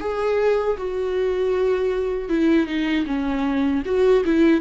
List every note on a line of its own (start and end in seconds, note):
0.00 0.77 G#4
0.77 2.29 F#4
2.29 2.67 E4
2.67 3.06 D#4
3.06 3.83 C#4
3.85 4.24 F#4
4.25 4.61 E4